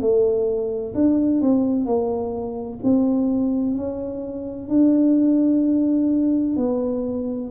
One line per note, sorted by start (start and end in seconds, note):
0.00 0.94 A3
0.94 1.41 D4
1.41 1.85 C4
1.85 2.79 A#3
2.83 3.76 C4
3.76 4.68 C#4
4.68 6.56 D4
6.56 7.50 B3